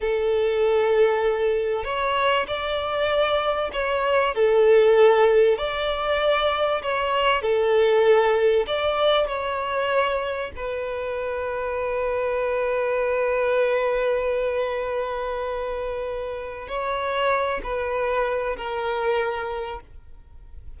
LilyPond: \new Staff \with { instrumentName = "violin" } { \time 4/4 \tempo 4 = 97 a'2. cis''4 | d''2 cis''4 a'4~ | a'4 d''2 cis''4 | a'2 d''4 cis''4~ |
cis''4 b'2.~ | b'1~ | b'2. cis''4~ | cis''8 b'4. ais'2 | }